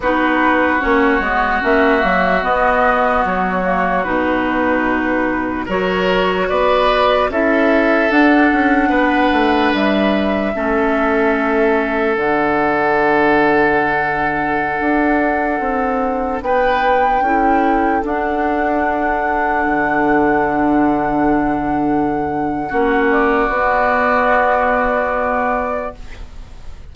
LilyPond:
<<
  \new Staff \with { instrumentName = "flute" } { \time 4/4 \tempo 4 = 74 b'4 cis''4 e''4 dis''4 | cis''4 b'2 cis''4 | d''4 e''4 fis''2 | e''2. fis''4~ |
fis''1~ | fis''16 g''2 fis''4.~ fis''16~ | fis''1~ | fis''8 d''2.~ d''8 | }
  \new Staff \with { instrumentName = "oboe" } { \time 4/4 fis'1~ | fis'2. ais'4 | b'4 a'2 b'4~ | b'4 a'2.~ |
a'1~ | a'16 b'4 a'2~ a'8.~ | a'1 | fis'1 | }
  \new Staff \with { instrumentName = "clarinet" } { \time 4/4 dis'4 cis'8 b8 cis'8 ais8 b4~ | b8 ais8 dis'2 fis'4~ | fis'4 e'4 d'2~ | d'4 cis'2 d'4~ |
d'1~ | d'4~ d'16 e'4 d'4.~ d'16~ | d'1 | cis'4 b2. | }
  \new Staff \with { instrumentName = "bassoon" } { \time 4/4 b4 ais8 gis8 ais8 fis8 b4 | fis4 b,2 fis4 | b4 cis'4 d'8 cis'8 b8 a8 | g4 a2 d4~ |
d2~ d16 d'4 c'8.~ | c'16 b4 cis'4 d'4.~ d'16~ | d'16 d2.~ d8. | ais4 b2. | }
>>